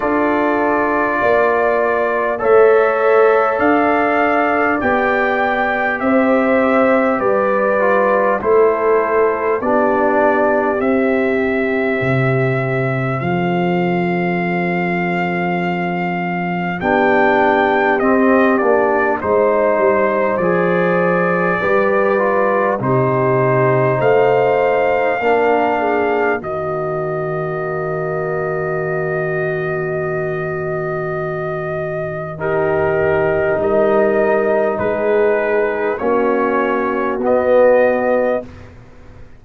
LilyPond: <<
  \new Staff \with { instrumentName = "trumpet" } { \time 4/4 \tempo 4 = 50 d''2 e''4 f''4 | g''4 e''4 d''4 c''4 | d''4 e''2 f''4~ | f''2 g''4 dis''8 d''8 |
c''4 d''2 c''4 | f''2 dis''2~ | dis''2. ais'4 | dis''4 b'4 cis''4 dis''4 | }
  \new Staff \with { instrumentName = "horn" } { \time 4/4 a'4 d''4 cis''4 d''4~ | d''4 c''4 b'4 a'4 | g'2. a'4~ | a'2 g'2 |
c''2 b'4 g'4 | c''4 ais'8 gis'8 fis'2~ | fis'2. g'4 | ais'4 gis'4 fis'2 | }
  \new Staff \with { instrumentName = "trombone" } { \time 4/4 f'2 a'2 | g'2~ g'8 f'8 e'4 | d'4 c'2.~ | c'2 d'4 c'8 d'8 |
dis'4 gis'4 g'8 f'8 dis'4~ | dis'4 d'4 ais2~ | ais2. dis'4~ | dis'2 cis'4 b4 | }
  \new Staff \with { instrumentName = "tuba" } { \time 4/4 d'4 ais4 a4 d'4 | b4 c'4 g4 a4 | b4 c'4 c4 f4~ | f2 b4 c'8 ais8 |
gis8 g8 f4 g4 c4 | a4 ais4 dis2~ | dis1 | g4 gis4 ais4 b4 | }
>>